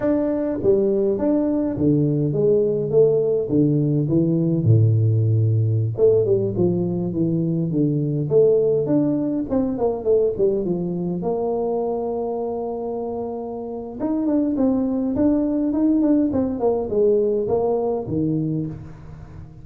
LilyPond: \new Staff \with { instrumentName = "tuba" } { \time 4/4 \tempo 4 = 103 d'4 g4 d'4 d4 | gis4 a4 d4 e4 | a,2~ a,16 a8 g8 f8.~ | f16 e4 d4 a4 d'8.~ |
d'16 c'8 ais8 a8 g8 f4 ais8.~ | ais1 | dis'8 d'8 c'4 d'4 dis'8 d'8 | c'8 ais8 gis4 ais4 dis4 | }